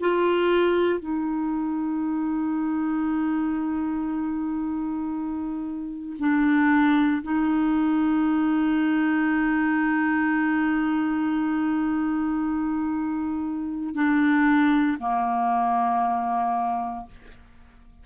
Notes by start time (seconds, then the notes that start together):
0.00 F4
0.99 D#4
6.19 D4
7.22 D#4
13.94 D4
14.99 A#3